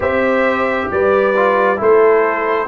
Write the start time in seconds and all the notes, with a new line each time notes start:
0.00 C4 G4 C5 E5
0.91 G3 B4 D5
1.36 F4
1.76 A3 E4 A4 C5